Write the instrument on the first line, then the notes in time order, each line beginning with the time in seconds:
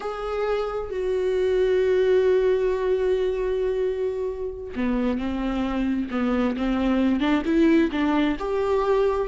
viola
0.00 G#4
0.90 F#4
4.75 B3
5.18 C4
6.10 B3
6.56 C4
7.20 D4
7.45 E4
7.91 D4
8.39 G4